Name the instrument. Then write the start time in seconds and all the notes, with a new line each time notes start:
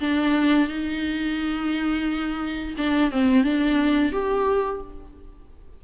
viola
0.00 D4
0.68 D#4
2.77 D4
3.11 C4
3.44 D4
4.12 G4